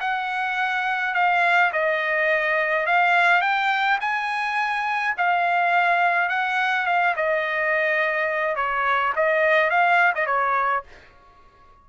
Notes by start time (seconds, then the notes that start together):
0.00 F#5
1.14 F5
1.72 D#5
2.86 F5
3.41 G5
4.00 G#5
5.17 F5
6.29 F#5
6.86 F5
7.16 D#5
8.56 C#5
9.16 D#5
9.70 F5
10.15 D#5
10.26 C#5